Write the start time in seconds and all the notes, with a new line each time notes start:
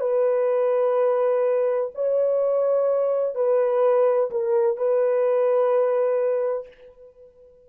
0.00 B4
1.94 C#5
3.35 B4
4.31 A#4
4.77 B4